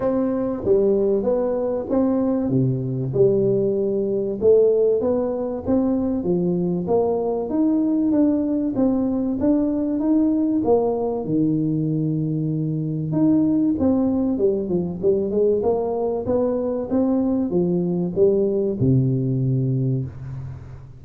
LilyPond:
\new Staff \with { instrumentName = "tuba" } { \time 4/4 \tempo 4 = 96 c'4 g4 b4 c'4 | c4 g2 a4 | b4 c'4 f4 ais4 | dis'4 d'4 c'4 d'4 |
dis'4 ais4 dis2~ | dis4 dis'4 c'4 g8 f8 | g8 gis8 ais4 b4 c'4 | f4 g4 c2 | }